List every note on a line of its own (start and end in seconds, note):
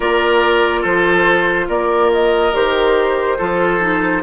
0.00 0.84 A#3
0.00 2.53 F4
0.00 0.81 A#4
0.00 0.83 D5
0.81 1.68 F3
0.81 1.65 A4
0.81 1.68 C5
1.68 2.52 A#3
1.68 3.37 A#4
1.68 2.11 D5
2.12 2.54 D#5
2.53 3.38 D#3
2.53 3.37 G4
2.53 4.23 C5
3.38 4.23 F3
3.38 3.80 F4
3.38 4.22 A4
3.80 4.22 D#4